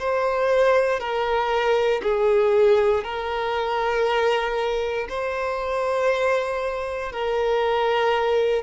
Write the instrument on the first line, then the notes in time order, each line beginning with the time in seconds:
violin
0.00 C5
1.00 A#4
2.03 G#4
3.04 A#4
5.09 C5
7.13 A#4